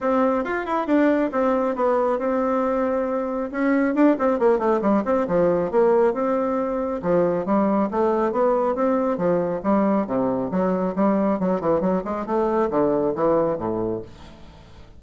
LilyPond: \new Staff \with { instrumentName = "bassoon" } { \time 4/4 \tempo 4 = 137 c'4 f'8 e'8 d'4 c'4 | b4 c'2. | cis'4 d'8 c'8 ais8 a8 g8 c'8 | f4 ais4 c'2 |
f4 g4 a4 b4 | c'4 f4 g4 c4 | fis4 g4 fis8 e8 fis8 gis8 | a4 d4 e4 a,4 | }